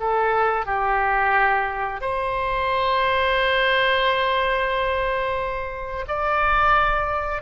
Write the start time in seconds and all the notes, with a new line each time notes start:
0.00 A4
0.66 G4
2.01 C5
6.08 D5